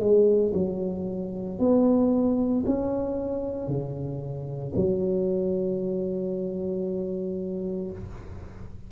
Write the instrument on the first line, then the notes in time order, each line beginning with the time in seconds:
tuba
0.00 G#3
0.54 F#3
1.59 B3
2.66 C#4
3.67 C#3
4.76 F#3